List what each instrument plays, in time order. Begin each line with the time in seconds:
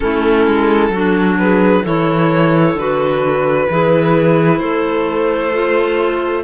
0.00 cello A3, clarinet C#4 E4, violin A4
0.47 cello G#3
0.89 cello F#3, clarinet D4 F#4
1.38 clarinet G#4, violin B4
1.82 cello E3, clarinet E4 A4, violin C#5
2.74 cello D3, clarinet F#4, violin B4
3.68 cello E3, clarinet E4 G#4
4.58 cello A3, clarinet A4, violin C5
5.53 clarinet F4